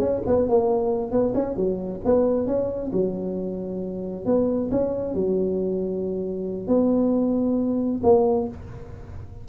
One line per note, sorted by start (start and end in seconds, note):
0.00 0.22 C#4
0.27 0.49 B3
0.49 1.11 A#3
1.11 1.34 B3
1.35 1.57 C#4
1.57 2.01 F#3
2.05 2.47 B3
2.47 2.91 C#4
2.93 4.26 F#3
4.26 4.70 B3
4.72 5.15 C#4
5.15 6.68 F#3
6.68 8.01 B3
8.04 8.48 A#3